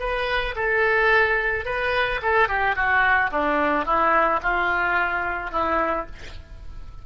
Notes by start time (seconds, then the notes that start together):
0.00 B4
0.56 A4
1.65 B4
2.22 A4
2.48 G4
2.76 F#4
3.31 D4
3.85 E4
4.42 F4
5.51 E4